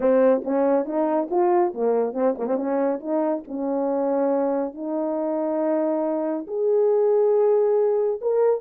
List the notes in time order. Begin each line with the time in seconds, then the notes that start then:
0.00 C4
0.44 C#4
0.85 D#4
1.30 F4
1.73 A#3
2.13 C4
2.38 A#3
2.46 C4
2.56 C#4
3.00 D#4
3.47 C#4
4.73 D#4
6.47 G#4
8.21 A#4